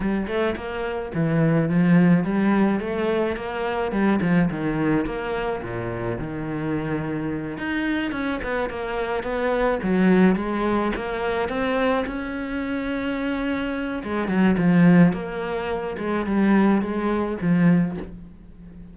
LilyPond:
\new Staff \with { instrumentName = "cello" } { \time 4/4 \tempo 4 = 107 g8 a8 ais4 e4 f4 | g4 a4 ais4 g8 f8 | dis4 ais4 ais,4 dis4~ | dis4. dis'4 cis'8 b8 ais8~ |
ais8 b4 fis4 gis4 ais8~ | ais8 c'4 cis'2~ cis'8~ | cis'4 gis8 fis8 f4 ais4~ | ais8 gis8 g4 gis4 f4 | }